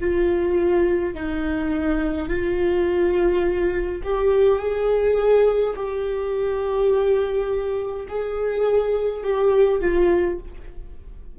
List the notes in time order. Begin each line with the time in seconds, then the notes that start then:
0.00 F4
1.14 D#4
2.28 F4
4.03 G4
4.59 G#4
5.76 G4
8.08 G#4
9.23 G4
9.80 F4